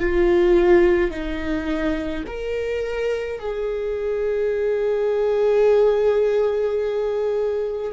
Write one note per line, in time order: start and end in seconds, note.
0.00 1.11 F4
1.11 2.24 D#4
2.27 3.40 A#4
3.40 7.92 G#4